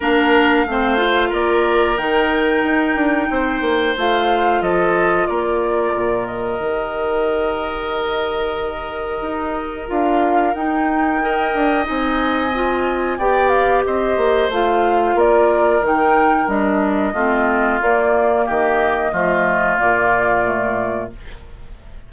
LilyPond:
<<
  \new Staff \with { instrumentName = "flute" } { \time 4/4 \tempo 4 = 91 f''2 d''4 g''4~ | g''2 f''4 dis''4 | d''4. dis''2~ dis''8~ | dis''2. f''4 |
g''2 gis''2 | g''8 f''8 dis''4 f''4 d''4 | g''4 dis''2 d''4 | dis''2 d''2 | }
  \new Staff \with { instrumentName = "oboe" } { \time 4/4 ais'4 c''4 ais'2~ | ais'4 c''2 a'4 | ais'1~ | ais'1~ |
ais'4 dis''2. | d''4 c''2 ais'4~ | ais'2 f'2 | g'4 f'2. | }
  \new Staff \with { instrumentName = "clarinet" } { \time 4/4 d'4 c'8 f'4. dis'4~ | dis'2 f'2~ | f'2 g'2~ | g'2. f'4 |
dis'4 ais'4 dis'4 f'4 | g'2 f'2 | dis'4 d'4 c'4 ais4~ | ais4 a4 ais4 a4 | }
  \new Staff \with { instrumentName = "bassoon" } { \time 4/4 ais4 a4 ais4 dis4 | dis'8 d'8 c'8 ais8 a4 f4 | ais4 ais,4 dis2~ | dis2 dis'4 d'4 |
dis'4. d'8 c'2 | b4 c'8 ais8 a4 ais4 | dis4 g4 a4 ais4 | dis4 f4 ais,2 | }
>>